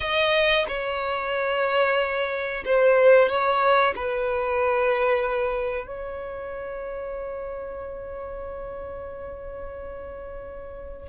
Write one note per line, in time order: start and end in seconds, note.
0.00 0.65 D#5
0.68 2.63 C#5
2.65 3.28 C5
3.28 3.94 C#5
3.95 5.86 B4
5.86 11.08 C#5